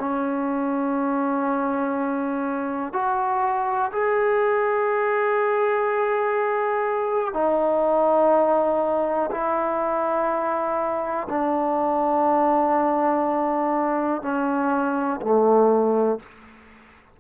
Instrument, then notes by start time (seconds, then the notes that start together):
trombone
0.00 C#4
2.93 F#4
3.92 G#4
7.34 D#4
9.31 E4
11.29 D4
14.22 C#4
15.22 A3